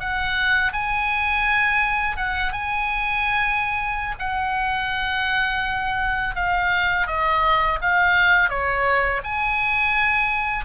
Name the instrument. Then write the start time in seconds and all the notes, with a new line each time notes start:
oboe
0.00 F#5
0.73 G#5
2.17 F#5
2.52 G#5
4.19 F#5
6.35 F5
7.07 D#5
7.81 F5
8.49 C#5
9.24 G#5